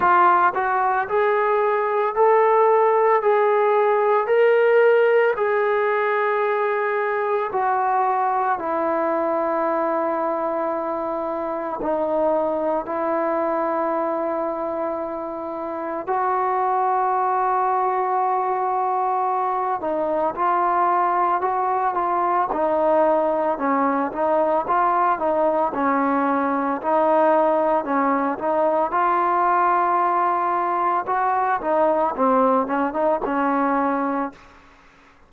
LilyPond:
\new Staff \with { instrumentName = "trombone" } { \time 4/4 \tempo 4 = 56 f'8 fis'8 gis'4 a'4 gis'4 | ais'4 gis'2 fis'4 | e'2. dis'4 | e'2. fis'4~ |
fis'2~ fis'8 dis'8 f'4 | fis'8 f'8 dis'4 cis'8 dis'8 f'8 dis'8 | cis'4 dis'4 cis'8 dis'8 f'4~ | f'4 fis'8 dis'8 c'8 cis'16 dis'16 cis'4 | }